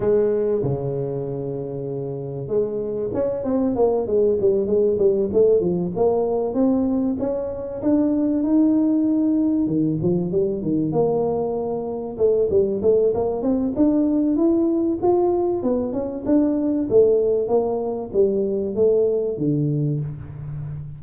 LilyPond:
\new Staff \with { instrumentName = "tuba" } { \time 4/4 \tempo 4 = 96 gis4 cis2. | gis4 cis'8 c'8 ais8 gis8 g8 gis8 | g8 a8 f8 ais4 c'4 cis'8~ | cis'8 d'4 dis'2 dis8 |
f8 g8 dis8 ais2 a8 | g8 a8 ais8 c'8 d'4 e'4 | f'4 b8 cis'8 d'4 a4 | ais4 g4 a4 d4 | }